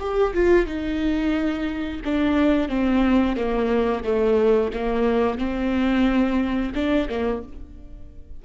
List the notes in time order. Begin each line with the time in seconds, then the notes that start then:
0.00 G4
0.34 F4
0.66 D#4
2.05 D4
2.69 C4
3.36 A#3
4.04 A3
4.73 A#3
5.38 C4
6.75 D4
7.09 A#3